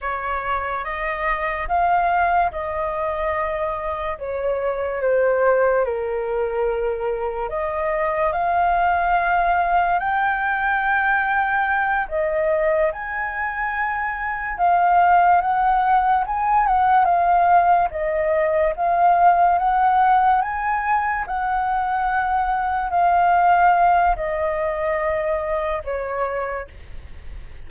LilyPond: \new Staff \with { instrumentName = "flute" } { \time 4/4 \tempo 4 = 72 cis''4 dis''4 f''4 dis''4~ | dis''4 cis''4 c''4 ais'4~ | ais'4 dis''4 f''2 | g''2~ g''8 dis''4 gis''8~ |
gis''4. f''4 fis''4 gis''8 | fis''8 f''4 dis''4 f''4 fis''8~ | fis''8 gis''4 fis''2 f''8~ | f''4 dis''2 cis''4 | }